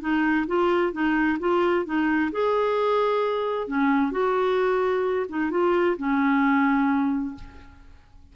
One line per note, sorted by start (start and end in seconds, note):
0.00 0.46 D#4
0.47 0.92 F4
0.92 1.38 D#4
1.39 1.85 F4
1.85 2.31 D#4
2.32 3.67 G#4
3.67 4.11 C#4
4.11 5.26 F#4
5.29 5.50 D#4
5.50 5.96 F4
5.97 7.35 C#4